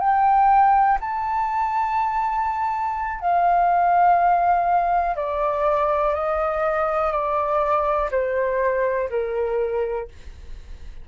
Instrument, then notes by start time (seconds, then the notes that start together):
flute
0.00 G5
1.01 A5
3.21 F5
5.16 D5
6.15 D#5
7.12 D5
8.11 C5
9.10 A#4